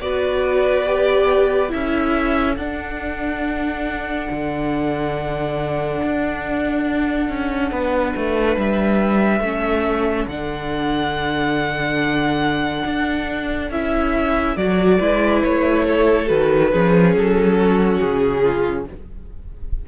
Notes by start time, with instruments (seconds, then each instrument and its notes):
0.00 cello B3, viola F#4, violin B4 D5
0.85 viola G4
1.69 cello C#4, viola E4, violin A4 E5
2.57 cello D4, viola D4, violin F#5
4.31 cello D3
6.03 cello D4
7.29 cello C#4
7.71 cello B3, violin B4
8.16 cello A3
8.57 cello G3, violin E5
9.40 cello A3, viola C#4, violin A4
10.27 cello D3, viola D4, violin F#5
12.85 cello D4
13.70 cello C#4, viola E4, violin E5
14.56 cello F#3, viola F#4, violin D5
14.99 cello G#3, viola E4, violin B4
15.44 cello A3, violin C#5
15.87 violin A4
16.27 cello D#3, viola F#4, violin B4
16.72 cello F3, viola C#4, violin G#4
17.15 cello F#3, violin A4
17.57 violin F#4
18.00 cello C#3, violin G#4
18.42 violin F4